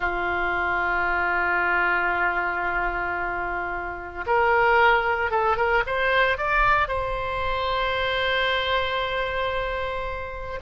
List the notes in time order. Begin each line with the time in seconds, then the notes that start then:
0.00 F4
4.26 A#4
5.30 A4
5.56 A#4
5.86 C5
6.37 D5
6.88 C5